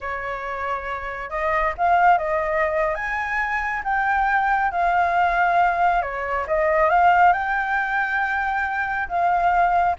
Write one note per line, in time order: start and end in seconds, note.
0.00 1.29 C#5
1.29 1.73 D#5
1.77 2.18 F5
2.18 2.94 D#5
2.95 3.82 G#5
3.84 4.71 G5
4.71 6.02 F5
6.02 6.46 C#5
6.47 6.89 D#5
6.89 7.33 F5
7.33 9.08 G5
9.08 9.96 F5